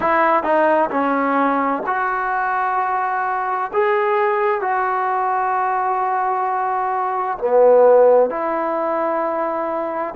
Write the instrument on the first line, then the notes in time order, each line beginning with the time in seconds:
trombone
0.00 E4
0.43 D#4
0.90 C#4
1.86 F#4
3.73 G#4
4.61 F#4
7.38 B3
8.30 E4